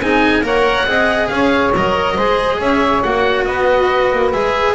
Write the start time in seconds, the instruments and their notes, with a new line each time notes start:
0.00 double bass C4, cello D#4, saxophone G#4, oboe G#5
0.42 double bass A#3, cello A#4, saxophone C#5, oboe F#5
0.86 double bass C4, cello G#4, saxophone D#5
1.28 double bass C#4, saxophone C#5, oboe F5
1.75 double bass F#3, cello A#4, oboe D#5
2.14 double bass G#3, cello G#4, saxophone C5
2.59 double bass C#4, saxophone C#5, oboe E5
3.03 double bass A#3, cello F#4, oboe F#5
3.45 double bass B3, saxophone B4, oboe D#5
4.12 double bass A#3
4.32 double bass G#3, cello G#4, oboe E5